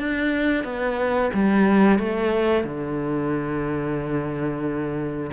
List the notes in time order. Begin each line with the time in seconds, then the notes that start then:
0.00 D4
0.65 B3
1.34 G3
1.99 A3
2.65 D3